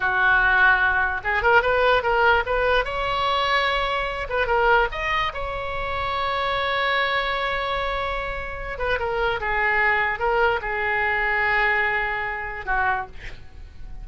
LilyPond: \new Staff \with { instrumentName = "oboe" } { \time 4/4 \tempo 4 = 147 fis'2. gis'8 ais'8 | b'4 ais'4 b'4 cis''4~ | cis''2~ cis''8 b'8 ais'4 | dis''4 cis''2.~ |
cis''1~ | cis''4. b'8 ais'4 gis'4~ | gis'4 ais'4 gis'2~ | gis'2. fis'4 | }